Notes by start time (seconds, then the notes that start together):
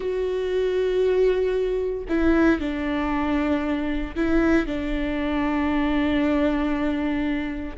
0.00 F#4
2.09 E4
2.60 D4
4.15 E4
4.66 D4